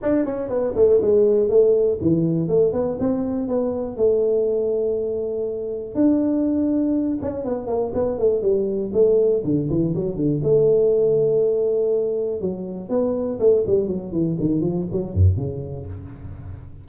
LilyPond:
\new Staff \with { instrumentName = "tuba" } { \time 4/4 \tempo 4 = 121 d'8 cis'8 b8 a8 gis4 a4 | e4 a8 b8 c'4 b4 | a1 | d'2~ d'8 cis'8 b8 ais8 |
b8 a8 g4 a4 d8 e8 | fis8 d8 a2.~ | a4 fis4 b4 a8 g8 | fis8 e8 dis8 f8 fis8 fis,8 cis4 | }